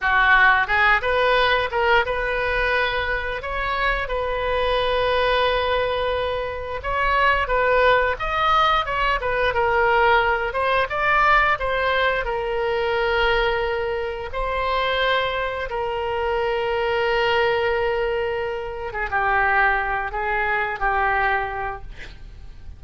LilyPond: \new Staff \with { instrumentName = "oboe" } { \time 4/4 \tempo 4 = 88 fis'4 gis'8 b'4 ais'8 b'4~ | b'4 cis''4 b'2~ | b'2 cis''4 b'4 | dis''4 cis''8 b'8 ais'4. c''8 |
d''4 c''4 ais'2~ | ais'4 c''2 ais'4~ | ais'2.~ ais'8. gis'16 | g'4. gis'4 g'4. | }